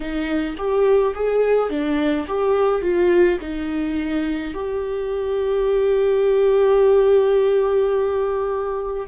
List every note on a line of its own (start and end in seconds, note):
0.00 0.55 D#4
0.57 1.14 G4
1.14 1.69 G#4
1.69 2.26 D4
2.27 2.81 G4
2.81 3.38 F4
3.41 4.54 D#4
4.54 9.07 G4